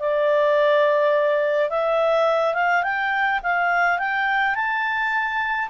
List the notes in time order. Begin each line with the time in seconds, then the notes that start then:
0.00 D5
1.70 E5
2.55 F5
2.83 G5
3.43 F5
3.99 G5
4.55 A5